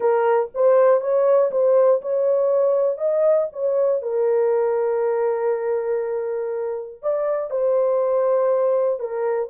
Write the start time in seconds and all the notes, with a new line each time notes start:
0.00 A#4
0.54 C5
1.00 C#5
1.51 C5
2.01 C#5
2.97 D#5
3.52 C#5
4.02 A#4
7.02 D5
7.50 C5
8.99 A#4